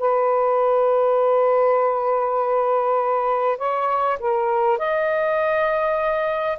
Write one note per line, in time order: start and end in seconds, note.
0.00 3.59 B4
3.59 4.19 C#5
4.20 4.79 A#4
4.79 6.59 D#5